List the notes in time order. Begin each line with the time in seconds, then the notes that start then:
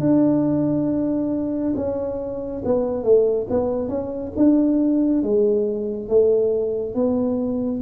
0.00 D4
1.76 C#4
2.65 B3
3.04 A3
3.50 B3
3.89 C#4
4.37 D4
5.23 G#3
6.09 A3
6.94 B3